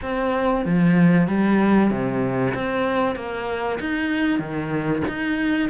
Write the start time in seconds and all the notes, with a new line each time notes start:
0.02 C4
0.65 F3
1.27 G3
1.90 C3
2.54 C4
3.15 A#3
3.80 D#4
4.39 D#3
5.08 D#4